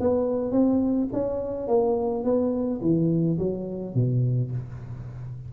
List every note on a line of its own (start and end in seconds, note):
0.00 0.51 B3
0.51 1.08 C4
1.13 1.67 C#4
1.67 2.24 A#3
2.24 2.80 B3
2.81 3.38 E3
3.38 3.94 F#3
3.94 4.51 B2